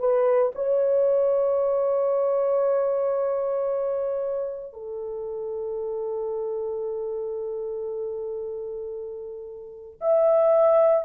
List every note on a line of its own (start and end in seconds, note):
0.00 0.53 B4
0.56 4.74 C#5
4.74 10.00 A4
10.01 11.06 E5